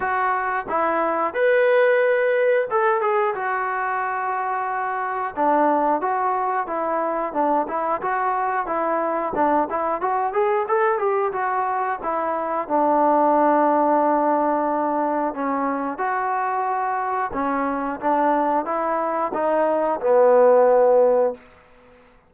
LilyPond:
\new Staff \with { instrumentName = "trombone" } { \time 4/4 \tempo 4 = 90 fis'4 e'4 b'2 | a'8 gis'8 fis'2. | d'4 fis'4 e'4 d'8 e'8 | fis'4 e'4 d'8 e'8 fis'8 gis'8 |
a'8 g'8 fis'4 e'4 d'4~ | d'2. cis'4 | fis'2 cis'4 d'4 | e'4 dis'4 b2 | }